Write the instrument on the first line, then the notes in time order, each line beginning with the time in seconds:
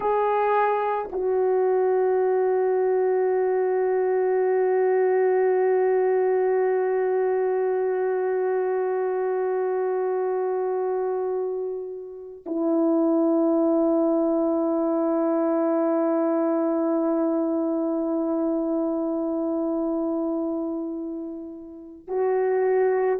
horn
0.00 G#4
1.12 F#4
12.45 E4
22.07 F#4